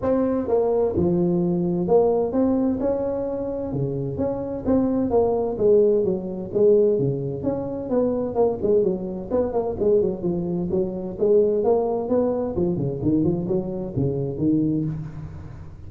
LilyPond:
\new Staff \with { instrumentName = "tuba" } { \time 4/4 \tempo 4 = 129 c'4 ais4 f2 | ais4 c'4 cis'2 | cis4 cis'4 c'4 ais4 | gis4 fis4 gis4 cis4 |
cis'4 b4 ais8 gis8 fis4 | b8 ais8 gis8 fis8 f4 fis4 | gis4 ais4 b4 f8 cis8 | dis8 f8 fis4 cis4 dis4 | }